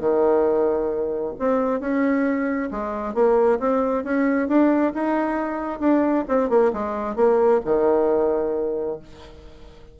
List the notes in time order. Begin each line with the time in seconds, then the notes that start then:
0.00 D#3
1.39 C4
1.80 C#4
2.71 G#3
3.14 A#3
3.59 C4
4.04 C#4
4.48 D4
4.94 D#4
5.80 D4
6.28 C4
6.50 A#3
6.73 G#3
7.16 A#3
7.65 D#3